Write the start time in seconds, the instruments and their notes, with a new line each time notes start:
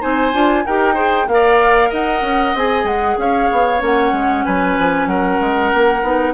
0.00 bassoon C4, clarinet D#4, oboe C5, flute G#5
0.33 bassoon D4, clarinet F4
0.65 bassoon D#4, clarinet G4, oboe A#4, flute G5
0.94 clarinet G#4, oboe C5
1.27 bassoon A#3, clarinet A#4, flute F5
1.34 oboe D5
1.89 bassoon D#4, oboe D#5, flute F#5
2.21 bassoon C#4
2.55 bassoon C4, clarinet G#4, flute G#5
2.84 bassoon G#3, flute F#5
3.18 bassoon C#4, oboe C#5, flute F5
3.52 bassoon B3
3.79 bassoon A#3, clarinet C#4, flute F#5
4.12 bassoon G#3
4.45 bassoon F#3, oboe B4, flute G#5
4.78 bassoon F3
5.06 bassoon F#3, oboe A#4, flute F#5
5.41 bassoon G#3
5.73 bassoon A#3
6.02 bassoon B3, clarinet D#4